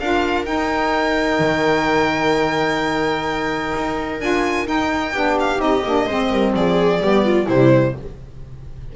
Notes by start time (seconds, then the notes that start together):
0.00 D4 F4 A#4 F5
0.45 D#4 G5
1.39 D#3
3.76 D#4
4.20 D4 F4 G#5
4.66 D#4 G5
5.13 B3 D4 G4
5.40 F5
5.58 C4 D#4 D#5
5.85 A#3 D4
6.07 G#3 C4 C5
6.30 G3 A#4
6.54 F3 G#4 D5
7.00 G3 B3 G4
7.25 F4
7.47 C3 G3 E4 C5